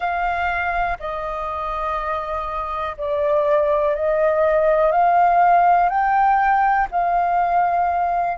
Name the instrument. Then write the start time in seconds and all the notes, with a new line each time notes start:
flute
0.00 F5
0.99 D#5
2.97 D5
3.95 D#5
4.91 F5
5.89 G5
6.91 F5